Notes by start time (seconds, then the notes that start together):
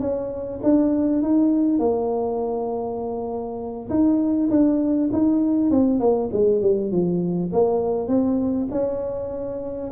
0.00 C#4
0.63 D4
1.22 D#4
1.79 A#3
3.90 D#4
4.50 D4
5.13 D#4
5.71 C4
6.00 A#3
6.32 G#3
6.61 G3
6.91 F3
7.52 A#3
8.08 C4
8.71 C#4